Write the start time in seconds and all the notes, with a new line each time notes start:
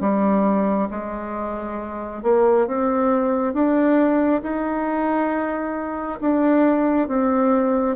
0.00 G3
0.90 G#3
2.23 A#3
2.67 C4
3.53 D4
4.42 D#4
6.20 D4
7.07 C4